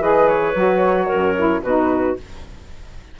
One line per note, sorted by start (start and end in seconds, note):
0.00 0.54 E3
0.00 0.55 G#4
0.00 1.07 B4
0.00 0.28 D#5
0.28 1.62 C#5
0.55 1.09 F#3
0.55 1.35 F#4
1.07 1.60 A#4
1.13 1.63 F#2
1.36 1.63 E4
1.62 2.16 B2
1.62 2.20 D#4
1.62 2.17 F#4
1.62 2.16 B4